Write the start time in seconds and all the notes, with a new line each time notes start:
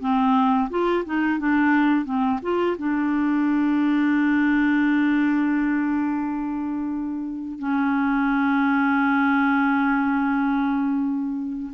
0.00 C4
0.70 F4
1.05 D#4
1.39 D4
2.05 C4
2.42 F4
2.78 D4
7.59 C#4